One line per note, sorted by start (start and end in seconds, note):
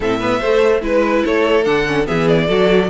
0.00 0.40 A2
0.00 0.20 C4
0.00 0.20 A4
0.00 0.84 E5
0.20 0.41 B3
0.20 0.39 B4
0.39 0.82 A3
0.39 0.81 A3
0.39 0.81 C5
0.81 1.23 G#3
0.81 1.64 E4
0.81 1.24 B4
0.81 1.25 B4
1.24 1.66 A3
1.24 2.07 A4
1.24 1.64 C#5
1.64 2.07 D3
1.64 1.85 D4
1.64 2.06 F#5
1.86 2.05 C#4
2.05 2.49 E3
2.05 2.46 B3
2.05 2.47 G#4
2.05 2.27 E5
2.27 2.89 D5
2.47 2.90 F#3
2.47 2.89 F#4
2.47 2.88 A4